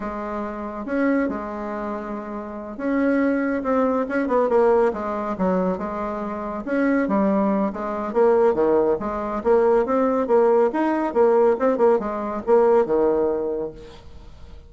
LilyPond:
\new Staff \with { instrumentName = "bassoon" } { \time 4/4 \tempo 4 = 140 gis2 cis'4 gis4~ | gis2~ gis8 cis'4.~ | cis'8 c'4 cis'8 b8 ais4 gis8~ | gis8 fis4 gis2 cis'8~ |
cis'8 g4. gis4 ais4 | dis4 gis4 ais4 c'4 | ais4 dis'4 ais4 c'8 ais8 | gis4 ais4 dis2 | }